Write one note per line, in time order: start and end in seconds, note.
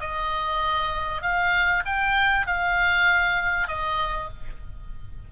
0.00 1.22 D#5
1.22 1.83 F5
1.85 2.47 G5
2.47 3.68 F5
3.68 4.29 D#5